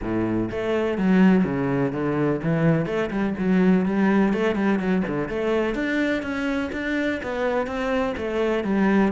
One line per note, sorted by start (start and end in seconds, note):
0.02 0.50 A2
0.50 0.98 A3
0.98 1.44 F#3
1.44 1.92 C#3
1.92 2.40 D3
2.43 2.86 E3
2.86 3.10 A3
3.10 3.34 G3
3.38 3.85 F#3
3.85 4.33 G3
4.33 4.55 A3
4.55 4.79 G3
4.79 5.03 F#3
5.07 5.28 D3
5.28 5.74 A3
5.74 6.22 D4
6.22 6.70 C#4
6.72 7.20 D4
7.22 7.66 B3
7.66 8.14 C4
8.17 8.64 A3
8.64 9.12 G3